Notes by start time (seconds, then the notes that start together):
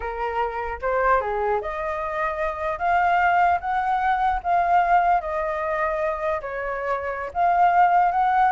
0.00 A#4
0.81 C5
1.20 G#4
1.61 D#5
2.79 F5
3.60 F#5
4.43 F5
5.20 D#5
6.41 C#5
7.33 F5
8.11 F#5